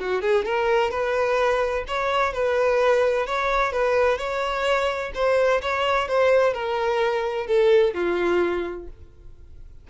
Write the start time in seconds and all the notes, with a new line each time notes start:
0.00 F#4
0.22 G#4
0.46 A#4
0.91 B4
1.88 C#5
2.34 B4
3.27 C#5
3.73 B4
4.19 C#5
5.15 C5
5.62 C#5
6.09 C5
6.54 A#4
7.47 A4
7.94 F4